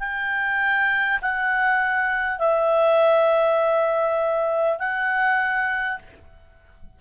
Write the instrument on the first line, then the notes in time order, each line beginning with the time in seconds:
clarinet
0.00 G5
1.22 F#5
2.39 E5
4.79 F#5